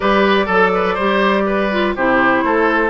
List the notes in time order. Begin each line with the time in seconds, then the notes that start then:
0.00 G3 G4 B4 D5
0.46 F#3 A4
0.74 B4
0.94 G3 G4 C5
1.46 B4
1.71 F4
1.95 C3 E4 G4 C5
2.43 A3 A4